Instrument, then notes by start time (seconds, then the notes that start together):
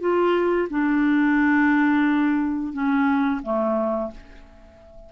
clarinet
0.00 F4
0.70 D4
2.73 C#4
3.43 A3